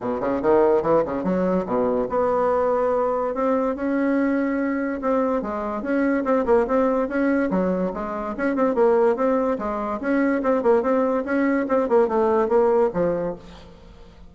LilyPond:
\new Staff \with { instrumentName = "bassoon" } { \time 4/4 \tempo 4 = 144 b,8 cis8 dis4 e8 cis8 fis4 | b,4 b2. | c'4 cis'2. | c'4 gis4 cis'4 c'8 ais8 |
c'4 cis'4 fis4 gis4 | cis'8 c'8 ais4 c'4 gis4 | cis'4 c'8 ais8 c'4 cis'4 | c'8 ais8 a4 ais4 f4 | }